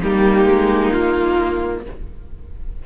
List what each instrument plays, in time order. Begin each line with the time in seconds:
0.00 cello G3, viola A#3, violin D#4 G4
0.45 cello G#3
0.91 cello A#3, violin F4